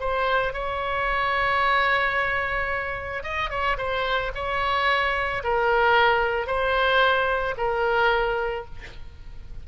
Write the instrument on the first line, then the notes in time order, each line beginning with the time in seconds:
oboe
0.00 C5
0.53 C#5
3.23 D#5
3.50 C#5
3.78 C5
4.35 C#5
5.44 A#4
6.47 C5
7.57 A#4